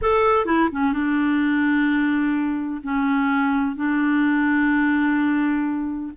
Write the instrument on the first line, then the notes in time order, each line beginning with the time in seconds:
clarinet
0.01 A4
0.45 E4
0.72 C#4
0.92 D4
2.83 C#4
3.76 D4